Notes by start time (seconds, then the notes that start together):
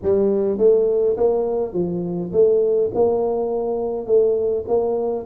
0.02 G3
0.58 A3
1.16 A#3
1.73 F3
2.32 A3
2.94 A#3
4.06 A3
4.67 A#3